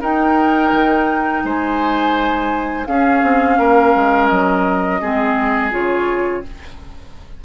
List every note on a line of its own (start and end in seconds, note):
0.00 2.86 D#4
0.00 0.72 D#4
0.00 1.43 A#4
0.00 1.45 G5
0.72 1.44 D#3
1.44 2.87 G#3
1.44 2.88 C5
1.44 2.87 G#5
2.87 3.23 C#4
2.87 5.02 C#4
2.87 3.59 G#4
2.87 4.28 F5
3.23 3.59 C4
3.59 3.94 A#3
3.59 5.01 A#4
3.95 4.31 G#3
4.28 5.02 F#3
4.28 5.71 D#5
5.01 5.73 G#3
5.01 5.71 C4
5.01 6.44 G#4
5.71 6.44 C#3
5.71 6.43 F4
5.71 6.45 C#5